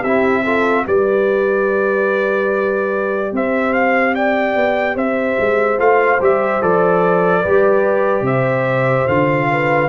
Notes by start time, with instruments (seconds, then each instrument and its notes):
0.00 tuba C4, trombone E4, horn G4, trumpet E5
0.43 trombone F4, horn A4
0.85 tuba G3, trombone G4, horn B4, trumpet D5
3.32 tuba C4, horn C5, trumpet E5
3.73 trumpet F5
4.15 horn D5, trumpet G5
4.56 tuba B3
4.95 tuba C4, horn C5, trumpet E5
5.39 tuba G#3
5.77 tuba A3, trombone F4, trumpet F5
6.20 tuba G3, trombone G4, trumpet E5
6.61 tuba F3, trombone A4, trumpet D5
7.41 tuba G3, trombone G4, horn B4
8.21 tuba C3, horn C5, trumpet E5
9.08 tuba D3, trombone F4, trumpet F5
9.50 horn B4